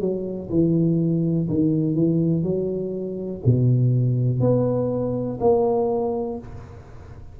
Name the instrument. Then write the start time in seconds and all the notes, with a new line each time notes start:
tuba
0.00 F#3
0.50 E3
1.49 D#3
1.94 E3
2.43 F#3
3.46 B2
4.40 B3
5.40 A#3